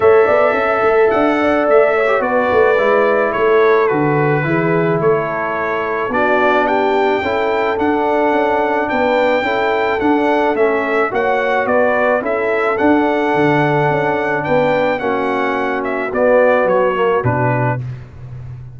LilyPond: <<
  \new Staff \with { instrumentName = "trumpet" } { \time 4/4 \tempo 4 = 108 e''2 fis''4 e''4 | d''2 cis''4 b'4~ | b'4 cis''2 d''4 | g''2 fis''2 |
g''2 fis''4 e''4 | fis''4 d''4 e''4 fis''4~ | fis''2 g''4 fis''4~ | fis''8 e''8 d''4 cis''4 b'4 | }
  \new Staff \with { instrumentName = "horn" } { \time 4/4 cis''8 d''8 e''4. d''4 cis''8 | b'2 a'2 | gis'4 a'2 fis'4 | g'4 a'2. |
b'4 a'2. | cis''4 b'4 a'2~ | a'2 b'4 fis'4~ | fis'1 | }
  \new Staff \with { instrumentName = "trombone" } { \time 4/4 a'2.~ a'8. g'16 | fis'4 e'2 fis'4 | e'2. d'4~ | d'4 e'4 d'2~ |
d'4 e'4 d'4 cis'4 | fis'2 e'4 d'4~ | d'2. cis'4~ | cis'4 b4. ais8 d'4 | }
  \new Staff \with { instrumentName = "tuba" } { \time 4/4 a8 b8 cis'8 a8 d'4 a4 | b8 a8 gis4 a4 d4 | e4 a2 b4~ | b4 cis'4 d'4 cis'4 |
b4 cis'4 d'4 a4 | ais4 b4 cis'4 d'4 | d4 cis'4 b4 ais4~ | ais4 b4 fis4 b,4 | }
>>